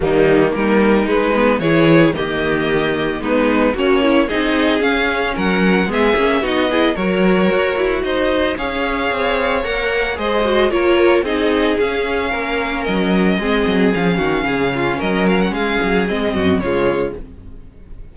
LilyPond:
<<
  \new Staff \with { instrumentName = "violin" } { \time 4/4 \tempo 4 = 112 dis'4 ais'4 b'4 cis''4 | dis''2 b'4 cis''4 | dis''4 f''4 fis''4 e''4 | dis''4 cis''2 dis''4 |
f''2 fis''4 dis''4 | cis''4 dis''4 f''2 | dis''2 f''2 | dis''8 f''16 fis''16 f''4 dis''4 cis''4 | }
  \new Staff \with { instrumentName = "violin" } { \time 4/4 ais4 dis'2 gis'4 | g'2 dis'4 cis'4 | gis'2 ais'4 gis'4 | fis'8 gis'8 ais'2 c''4 |
cis''2. c''4 | ais'4 gis'2 ais'4~ | ais'4 gis'4. fis'8 gis'8 f'8 | ais'4 gis'4. fis'8 f'4 | }
  \new Staff \with { instrumentName = "viola" } { \time 4/4 g4 ais4 gis8 b8 e'4 | ais2 b4 fis'8 e'8 | dis'4 cis'2 b8 cis'8 | dis'8 e'8 fis'2. |
gis'2 ais'4 gis'8 fis'8 | f'4 dis'4 cis'2~ | cis'4 c'4 cis'2~ | cis'2 c'4 gis4 | }
  \new Staff \with { instrumentName = "cello" } { \time 4/4 dis4 g4 gis4 e4 | dis2 gis4 ais4 | c'4 cis'4 fis4 gis8 ais8 | b4 fis4 fis'8 e'8 dis'4 |
cis'4 c'4 ais4 gis4 | ais4 c'4 cis'4 ais4 | fis4 gis8 fis8 f8 dis8 cis4 | fis4 gis8 fis8 gis8 fis,8 cis4 | }
>>